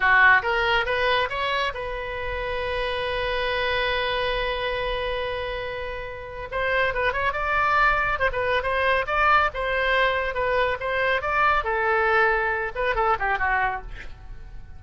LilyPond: \new Staff \with { instrumentName = "oboe" } { \time 4/4 \tempo 4 = 139 fis'4 ais'4 b'4 cis''4 | b'1~ | b'1~ | b'2. c''4 |
b'8 cis''8 d''2 c''16 b'8. | c''4 d''4 c''2 | b'4 c''4 d''4 a'4~ | a'4. b'8 a'8 g'8 fis'4 | }